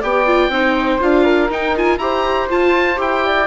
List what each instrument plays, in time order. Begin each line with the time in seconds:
0.00 bassoon B3, viola G4, flute D5, oboe G5
0.26 viola F4
0.49 bassoon C4, viola D#4, flute C5
1.00 bassoon D4, viola F4, oboe F5
1.24 flute A#4
1.50 bassoon D#4, viola D#4, oboe G5
1.76 viola F4, oboe G#5
1.98 bassoon E4, viola G4, flute C5, oboe A#5
2.49 viola F4, bassoon F4, oboe A5
2.96 bassoon E4, viola G4, oboe G5
3.26 flute D5